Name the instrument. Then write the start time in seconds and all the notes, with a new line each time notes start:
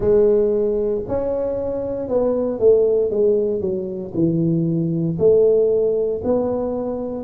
tuba
0.00 G#3
1.08 C#4
2.08 B3
2.59 A3
3.10 G#3
3.60 F#3
4.14 E3
5.18 A3
6.24 B3